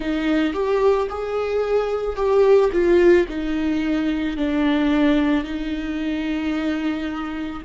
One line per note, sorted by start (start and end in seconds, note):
0.00 0.53 D#4
0.53 1.08 G4
1.09 2.15 G#4
2.15 2.70 G4
2.72 3.26 F4
3.28 4.36 D#4
4.36 5.43 D4
5.43 7.62 D#4